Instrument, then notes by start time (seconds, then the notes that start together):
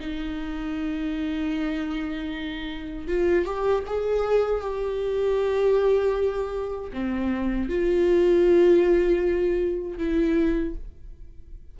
viola
0.00 D#4
3.08 F4
3.45 G4
3.87 G#4
4.61 G4
6.93 C4
7.69 F4
9.98 E4